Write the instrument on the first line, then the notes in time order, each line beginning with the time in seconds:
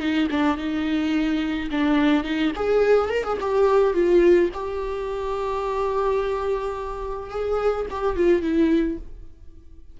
viola
0.00 D#4
0.31 D4
0.57 D#4
1.71 D4
2.24 D#4
2.56 G#4
3.10 A#4
3.24 G#4
3.41 G4
3.94 F4
4.54 G4
7.30 G#4
7.91 G4
8.16 F4
8.42 E4